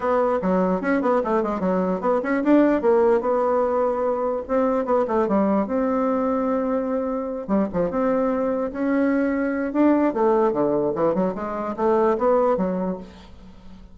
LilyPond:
\new Staff \with { instrumentName = "bassoon" } { \time 4/4 \tempo 4 = 148 b4 fis4 cis'8 b8 a8 gis8 | fis4 b8 cis'8 d'4 ais4 | b2. c'4 | b8 a8 g4 c'2~ |
c'2~ c'8 g8 f8 c'8~ | c'4. cis'2~ cis'8 | d'4 a4 d4 e8 fis8 | gis4 a4 b4 fis4 | }